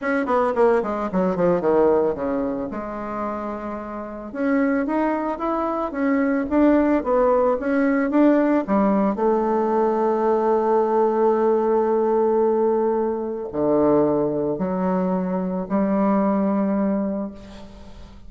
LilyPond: \new Staff \with { instrumentName = "bassoon" } { \time 4/4 \tempo 4 = 111 cis'8 b8 ais8 gis8 fis8 f8 dis4 | cis4 gis2. | cis'4 dis'4 e'4 cis'4 | d'4 b4 cis'4 d'4 |
g4 a2.~ | a1~ | a4 d2 fis4~ | fis4 g2. | }